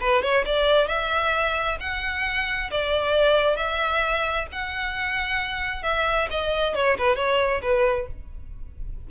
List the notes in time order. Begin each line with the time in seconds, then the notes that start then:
0.00 B4
0.22 C#5
0.45 D5
0.87 E5
1.80 F#5
2.70 D5
3.56 E5
4.52 F#5
5.83 E5
6.30 D#5
6.74 C#5
6.98 B4
7.16 C#5
7.62 B4